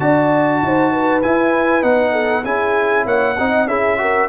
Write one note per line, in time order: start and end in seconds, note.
0.00 0.62 D4
0.00 1.23 F#4
0.00 0.62 D5
0.00 1.22 A5
0.63 1.24 D#4
0.63 0.92 C5
0.92 2.12 B4
1.23 1.83 E4
1.23 1.83 G#5
1.83 2.45 B3
1.83 2.44 D#4
1.83 2.45 F#5
2.12 2.43 A4
2.45 3.06 C#4
2.45 3.36 E4
2.45 3.06 G#4
2.45 3.07 G#5
3.06 3.37 A#3
3.06 3.37 C#5
3.06 3.68 F#5
3.38 3.67 C4
3.38 3.68 D#4
3.38 3.68 D#5
3.67 4.28 C#4
3.67 3.98 E4
3.67 3.99 G#4
3.67 4.29 E5
3.98 4.29 F#4
3.98 4.29 A#4